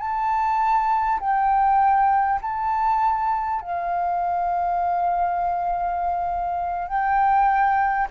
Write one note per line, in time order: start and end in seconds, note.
0.00 1.20 A5
1.20 2.40 G5
2.42 3.61 A5
3.61 6.88 F5
6.88 8.08 G5